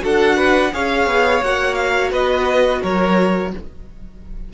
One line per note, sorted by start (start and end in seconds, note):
0.00 0.74 D4
0.00 0.70 F#4
0.00 0.36 A4
0.00 0.74 F#5
0.36 0.71 B4
0.73 1.07 C#4
0.73 1.42 G#4
0.73 2.11 C#5
0.73 1.43 F5
1.07 1.41 B3
1.42 2.12 A#3
1.42 3.52 F#4
1.42 1.75 F#5
1.75 2.09 F5
2.11 2.82 B3
2.11 2.81 B4
2.11 2.83 D#5
2.82 3.53 F#3
2.82 3.52 A#4
2.82 3.53 C#5